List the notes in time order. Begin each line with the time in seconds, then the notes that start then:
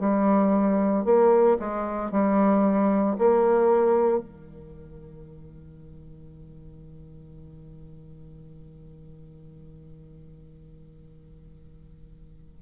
0.00 G3
1.05 A#3
1.59 G#3
2.11 G3
3.19 A#3
4.19 D#3